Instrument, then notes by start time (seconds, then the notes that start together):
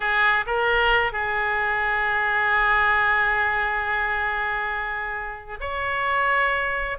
oboe
0.00 G#4
0.46 A#4
1.12 G#4
5.60 C#5